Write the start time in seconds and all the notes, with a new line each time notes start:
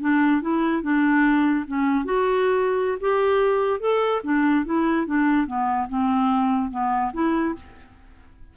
0.00 D4
0.41 E4
0.82 D4
1.67 C#4
2.05 F#4
3.00 G4
3.80 A4
4.23 D4
4.65 E4
5.06 D4
5.47 B3
5.88 C4
6.70 B3
7.13 E4